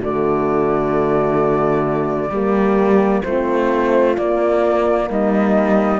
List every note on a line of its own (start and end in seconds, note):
0.00 2.30 D3
0.00 2.32 A3
0.00 2.31 F#4
0.00 3.23 D5
2.30 3.22 G3
2.30 3.24 A#3
2.30 3.24 G4
3.23 4.17 A3
3.23 4.17 C4
3.23 5.10 F4
3.23 4.15 C5
4.17 5.99 A#3
4.17 5.10 A#3
4.17 5.09 D5
5.10 5.99 G3
5.10 5.99 D#4
5.10 5.99 D#5